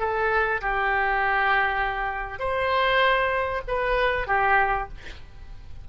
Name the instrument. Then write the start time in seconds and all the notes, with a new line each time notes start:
oboe
0.00 A4
0.62 G4
2.40 C5
3.68 B4
4.28 G4